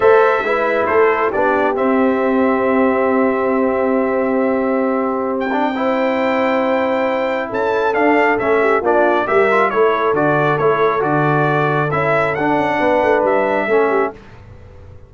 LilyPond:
<<
  \new Staff \with { instrumentName = "trumpet" } { \time 4/4 \tempo 4 = 136 e''2 c''4 d''4 | e''1~ | e''1~ | e''16 g''2.~ g''8.~ |
g''4 a''4 f''4 e''4 | d''4 e''4 cis''4 d''4 | cis''4 d''2 e''4 | fis''2 e''2 | }
  \new Staff \with { instrumentName = "horn" } { \time 4/4 c''4 b'4 a'4 g'4~ | g'1~ | g'1~ | g'4 c''2.~ |
c''4 a'2~ a'8 g'8 | f'4 ais'4 a'2~ | a'1~ | a'4 b'2 a'8 g'8 | }
  \new Staff \with { instrumentName = "trombone" } { \time 4/4 a'4 e'2 d'4 | c'1~ | c'1~ | c'8 d'8 e'2.~ |
e'2 d'4 cis'4 | d'4 g'8 f'8 e'4 fis'4 | e'4 fis'2 e'4 | d'2. cis'4 | }
  \new Staff \with { instrumentName = "tuba" } { \time 4/4 a4 gis4 a4 b4 | c'1~ | c'1~ | c'1~ |
c'4 cis'4 d'4 a4 | ais4 g4 a4 d4 | a4 d2 cis'4 | d'8 cis'8 b8 a8 g4 a4 | }
>>